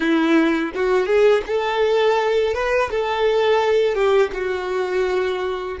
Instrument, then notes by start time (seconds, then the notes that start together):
violin
0.00 E4
0.74 F#4
1.05 G#4
1.46 A4
2.53 B4
2.90 A4
3.95 G4
4.33 F#4